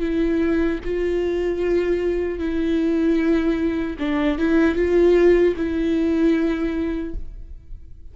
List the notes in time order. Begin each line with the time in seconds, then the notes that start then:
0.00 E4
0.84 F4
2.39 E4
3.99 D4
4.38 E4
4.75 F4
5.57 E4